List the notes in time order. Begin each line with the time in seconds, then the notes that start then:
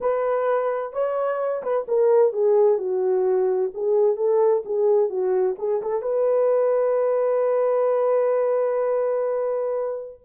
0.00 B4
0.92 C#5
1.63 B4
1.88 A#4
2.33 G#4
2.78 F#4
3.74 G#4
4.16 A4
4.65 G#4
5.09 F#4
5.58 G#4
5.82 A4
6.01 B4